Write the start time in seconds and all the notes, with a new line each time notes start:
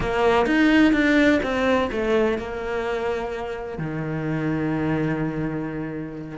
0.00 A#3
0.46 D#4
0.92 D4
1.42 C4
1.91 A3
2.38 A#3
3.78 D#3